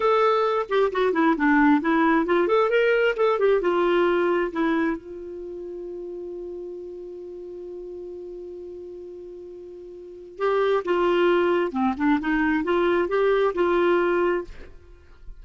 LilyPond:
\new Staff \with { instrumentName = "clarinet" } { \time 4/4 \tempo 4 = 133 a'4. g'8 fis'8 e'8 d'4 | e'4 f'8 a'8 ais'4 a'8 g'8 | f'2 e'4 f'4~ | f'1~ |
f'1~ | f'2. g'4 | f'2 c'8 d'8 dis'4 | f'4 g'4 f'2 | }